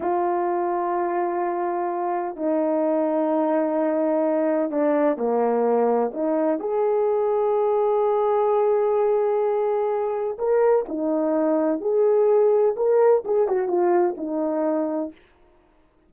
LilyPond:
\new Staff \with { instrumentName = "horn" } { \time 4/4 \tempo 4 = 127 f'1~ | f'4 dis'2.~ | dis'2 d'4 ais4~ | ais4 dis'4 gis'2~ |
gis'1~ | gis'2 ais'4 dis'4~ | dis'4 gis'2 ais'4 | gis'8 fis'8 f'4 dis'2 | }